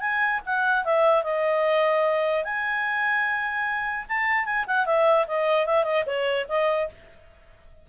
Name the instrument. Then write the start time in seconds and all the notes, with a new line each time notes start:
clarinet
0.00 G#5
0.45 F#5
0.84 E5
1.23 D#5
2.44 G#5
4.08 A5
4.45 G#5
4.67 F#5
4.86 E5
5.27 D#5
5.66 E5
5.83 D#5
6.06 C#5
6.48 D#5